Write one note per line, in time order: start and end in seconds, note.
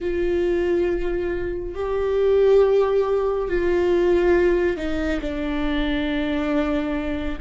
0.00 1.74 F4
1.74 3.48 G4
3.48 4.76 F4
4.76 5.20 D#4
5.21 7.38 D4